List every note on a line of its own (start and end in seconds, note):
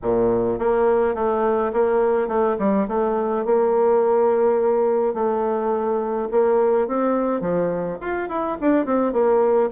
0.02 0.59 A#2
0.59 1.14 A#3
1.14 1.71 A3
1.72 2.28 A#3
2.28 2.56 A3
2.58 2.87 G3
2.88 3.45 A3
3.45 5.14 A#3
5.14 6.28 A3
6.31 6.87 A#3
6.87 7.41 C4
7.41 7.98 F3
8.00 8.29 F4
8.29 8.57 E4
8.61 8.85 D4
8.85 9.12 C4
9.12 9.70 A#3